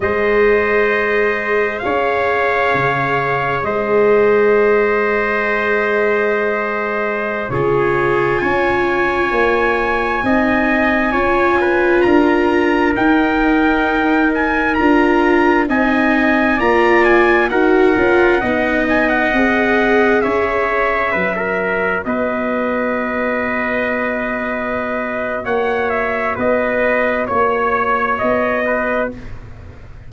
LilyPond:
<<
  \new Staff \with { instrumentName = "trumpet" } { \time 4/4 \tempo 4 = 66 dis''2 f''2 | dis''1~ | dis''16 cis''4 gis''2~ gis''8.~ | gis''4~ gis''16 ais''4 g''4. gis''16~ |
gis''16 ais''4 gis''4 ais''8 gis''8 fis''8.~ | fis''8. gis''16 fis''4~ fis''16 e''4.~ e''16~ | e''16 dis''2.~ dis''8. | fis''8 e''8 dis''4 cis''4 dis''4 | }
  \new Staff \with { instrumentName = "trumpet" } { \time 4/4 c''2 cis''2 | c''1~ | c''16 gis'4 cis''2 dis''8.~ | dis''16 cis''8 b'8 ais'2~ ais'8.~ |
ais'4~ ais'16 dis''4 d''4 ais'8.~ | ais'16 dis''2 cis''4 b'16 ais'8~ | ais'16 b'2.~ b'8. | cis''4 b'4 cis''4. b'8 | }
  \new Staff \with { instrumentName = "viola" } { \time 4/4 gis'1~ | gis'1~ | gis'16 f'2. dis'8.~ | dis'16 f'2 dis'4.~ dis'16~ |
dis'16 f'4 dis'4 f'4 fis'8 f'16~ | f'16 dis'4 gis'2 fis'8.~ | fis'1~ | fis'1 | }
  \new Staff \with { instrumentName = "tuba" } { \time 4/4 gis2 cis'4 cis4 | gis1~ | gis16 cis4 cis'4 ais4 c'8.~ | c'16 cis'4 d'4 dis'4.~ dis'16~ |
dis'16 d'4 c'4 ais4 dis'8 cis'16~ | cis'16 b4 c'4 cis'4 fis8.~ | fis16 b2.~ b8. | ais4 b4 ais4 b4 | }
>>